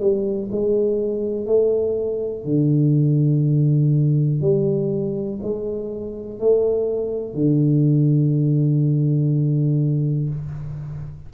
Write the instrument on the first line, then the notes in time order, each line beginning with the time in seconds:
tuba
0.00 G3
0.51 G#3
1.46 A3
2.45 D3
4.41 G3
5.43 G#3
6.39 A3
7.34 D3